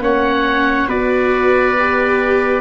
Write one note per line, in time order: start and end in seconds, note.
0.00 0.87 A#3
0.00 0.88 C#4
0.00 0.89 C#5
0.00 0.90 F#5
0.88 2.62 B3
0.88 1.76 F#4
0.88 2.62 B4
0.88 2.62 D5
1.79 2.62 G4